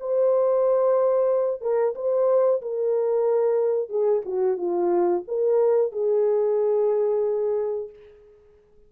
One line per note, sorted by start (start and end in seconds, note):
0.00 1.61 C5
1.61 1.94 A#4
1.95 2.61 C5
2.62 3.89 A#4
3.89 4.22 G#4
4.25 4.57 F#4
4.57 5.23 F4
5.28 5.92 A#4
5.92 7.90 G#4